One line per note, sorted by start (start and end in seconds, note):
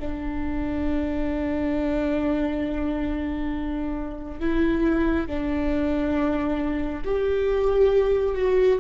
0.00 4.40 D4
4.40 5.27 E4
5.27 7.04 D4
7.05 8.35 G4
8.35 8.79 F#4